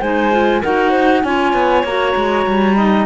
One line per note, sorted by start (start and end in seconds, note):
0.00 0.63 G#3
0.00 0.32 D#4
0.00 0.61 C5
0.00 0.63 G#5
0.32 0.62 F4
0.62 1.24 D#4
0.62 1.24 F#4
0.62 0.90 A#4
0.62 1.24 F#5
0.90 1.21 C5
1.24 1.54 C#4
1.24 1.86 F4
1.24 2.77 C#5
1.24 1.85 G#5
1.54 1.84 B3
1.84 2.15 A#3
1.84 2.77 F#4
1.84 3.07 A#5
2.16 2.47 G#3
2.47 3.07 G3
2.77 3.07 D#4
2.77 3.07 D#5